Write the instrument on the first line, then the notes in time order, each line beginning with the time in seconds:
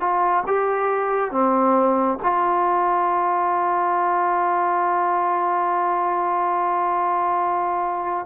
trombone
0.00 F4
0.46 G4
1.31 C4
2.22 F4